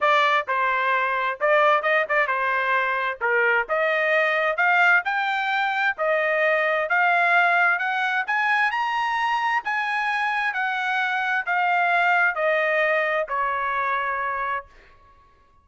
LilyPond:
\new Staff \with { instrumentName = "trumpet" } { \time 4/4 \tempo 4 = 131 d''4 c''2 d''4 | dis''8 d''8 c''2 ais'4 | dis''2 f''4 g''4~ | g''4 dis''2 f''4~ |
f''4 fis''4 gis''4 ais''4~ | ais''4 gis''2 fis''4~ | fis''4 f''2 dis''4~ | dis''4 cis''2. | }